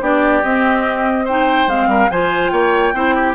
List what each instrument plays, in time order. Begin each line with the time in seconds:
0.00 bassoon B3, clarinet D4, oboe G4, flute D5
0.43 bassoon C4, clarinet C4, flute D#5
1.25 clarinet D#4, oboe C5, flute G5
1.67 bassoon G#3, clarinet C4, flute F5
1.86 bassoon G3, oboe A#4
2.10 bassoon F3, clarinet F4, oboe C5, flute G#5
2.48 bassoon A#3, oboe C#5, flute G5
2.93 bassoon C4, clarinet E4, oboe C5
3.15 oboe G4